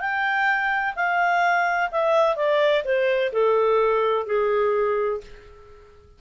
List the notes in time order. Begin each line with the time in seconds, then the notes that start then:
0.00 G5
0.96 F5
1.91 E5
2.36 D5
2.84 C5
3.33 A4
4.26 G#4